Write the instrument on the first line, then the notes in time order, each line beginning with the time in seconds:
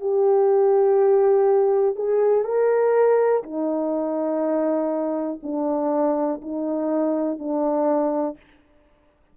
horn
0.00 G4
1.95 G#4
2.44 A#4
3.43 D#4
5.42 D4
6.41 D#4
7.38 D4